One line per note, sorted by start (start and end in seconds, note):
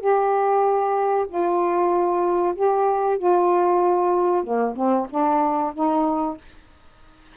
0.00 1.26 G4
1.28 2.55 F4
2.55 3.18 G4
3.18 4.44 F4
4.44 4.75 A#3
4.75 5.07 C4
5.10 5.73 D4
5.74 6.37 D#4